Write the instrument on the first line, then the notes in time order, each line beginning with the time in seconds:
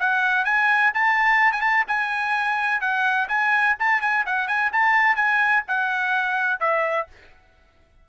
trumpet
0.00 F#5
0.45 G#5
0.94 A5
1.52 G#5
1.61 A5
1.88 G#5
2.81 F#5
3.29 G#5
3.79 A5
4.01 G#5
4.26 F#5
4.48 G#5
4.73 A5
5.16 G#5
5.68 F#5
6.60 E5